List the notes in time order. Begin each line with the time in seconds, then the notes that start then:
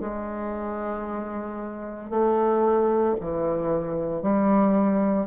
0.00 G#3
2.10 A3
3.21 E3
4.22 G3